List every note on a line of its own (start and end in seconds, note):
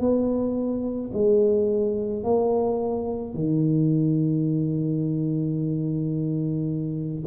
0.00 1.11 B3
1.14 2.24 G#3
2.24 3.35 A#3
3.35 7.24 D#3